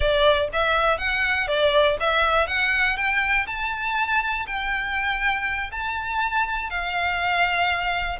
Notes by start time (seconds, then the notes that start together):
0.00 D5
0.53 E5
0.98 F#5
1.47 D5
1.99 E5
2.47 F#5
2.97 G5
3.46 A5
4.47 G5
5.71 A5
6.70 F5